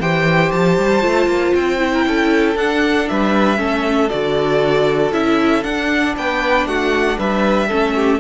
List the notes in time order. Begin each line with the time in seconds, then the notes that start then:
0.00 E3 G4 C5 G5
0.51 F3 A5
0.78 G3
1.02 A3 F4
1.27 A#3
1.55 C4 G5
1.79 E4
1.93 A#4
2.06 C#4 A4
2.56 D4 F#5
3.09 G3 B4 E5
3.57 A3 C#4 A4
4.10 D3 F#4 D5
5.12 C#4 E4 E5
5.63 D4 F#5
6.17 B3 B4 G5
6.66 A3 F#4 F#5
7.18 G3 B4 E5
7.68 A3 C#4 A4
7.96 G4